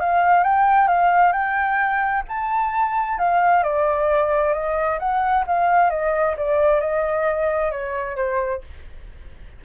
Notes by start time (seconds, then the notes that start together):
0.00 F5
0.44 G5
0.88 F5
1.32 G5
2.29 A5
3.19 F5
3.63 D5
4.53 D#5
4.99 F#5
5.47 F5
5.90 D#5
6.37 D5
6.80 D#5
7.71 C#5
8.16 C5